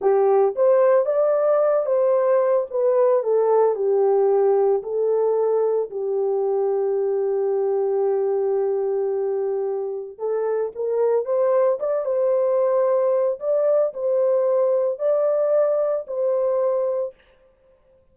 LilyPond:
\new Staff \with { instrumentName = "horn" } { \time 4/4 \tempo 4 = 112 g'4 c''4 d''4. c''8~ | c''4 b'4 a'4 g'4~ | g'4 a'2 g'4~ | g'1~ |
g'2. a'4 | ais'4 c''4 d''8 c''4.~ | c''4 d''4 c''2 | d''2 c''2 | }